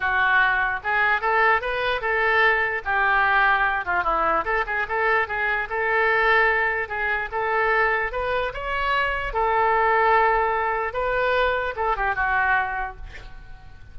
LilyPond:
\new Staff \with { instrumentName = "oboe" } { \time 4/4 \tempo 4 = 148 fis'2 gis'4 a'4 | b'4 a'2 g'4~ | g'4. f'8 e'4 a'8 gis'8 | a'4 gis'4 a'2~ |
a'4 gis'4 a'2 | b'4 cis''2 a'4~ | a'2. b'4~ | b'4 a'8 g'8 fis'2 | }